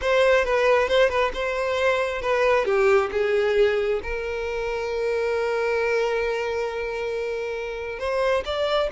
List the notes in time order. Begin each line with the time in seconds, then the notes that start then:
0.01 C5
0.44 B4
0.88 C5
1.09 B4
1.33 C5
2.21 B4
2.65 G4
3.11 G#4
4.02 A#4
7.99 C5
8.45 D5